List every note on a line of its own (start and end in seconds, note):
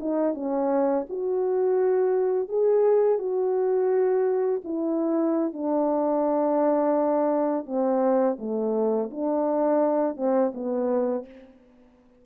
0.00 0.34 D#4
0.34 1.06 C#4
1.09 2.49 F#4
2.49 3.19 G#4
3.19 4.62 F#4
4.64 5.53 E4
5.53 7.66 D4
7.66 8.37 C4
8.39 9.10 A3
9.11 10.17 D4
10.17 10.53 C4
10.54 11.26 B3